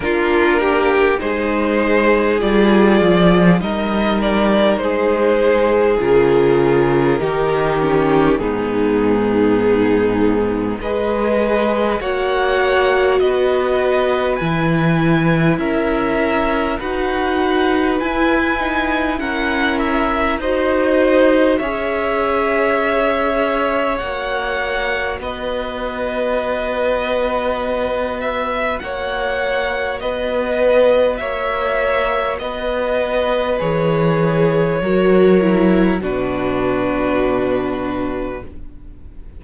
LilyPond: <<
  \new Staff \with { instrumentName = "violin" } { \time 4/4 \tempo 4 = 50 ais'4 c''4 d''4 dis''8 d''8 | c''4 ais'2 gis'4~ | gis'4 dis''4 fis''4 dis''4 | gis''4 e''4 fis''4 gis''4 |
fis''8 e''8 dis''4 e''2 | fis''4 dis''2~ dis''8 e''8 | fis''4 dis''4 e''4 dis''4 | cis''2 b'2 | }
  \new Staff \with { instrumentName = "violin" } { \time 4/4 f'8 g'8 gis'2 ais'4 | gis'2 g'4 dis'4~ | dis'4 b'4 cis''4 b'4~ | b'4 ais'4 b'2 |
ais'4 c''4 cis''2~ | cis''4 b'2. | cis''4 b'4 cis''4 b'4~ | b'4 ais'4 fis'2 | }
  \new Staff \with { instrumentName = "viola" } { \time 4/4 d'4 dis'4 f'4 dis'4~ | dis'4 f'4 dis'8 cis'8 b4~ | b4 gis'4 fis'2 | e'2 fis'4 e'8 dis'8 |
cis'4 fis'4 gis'2 | fis'1~ | fis'1 | gis'4 fis'8 e'8 d'2 | }
  \new Staff \with { instrumentName = "cello" } { \time 4/4 ais4 gis4 g8 f8 g4 | gis4 cis4 dis4 gis,4~ | gis,4 gis4 ais4 b4 | e4 cis'4 dis'4 e'4~ |
e'4 dis'4 cis'2 | ais4 b2. | ais4 b4 ais4 b4 | e4 fis4 b,2 | }
>>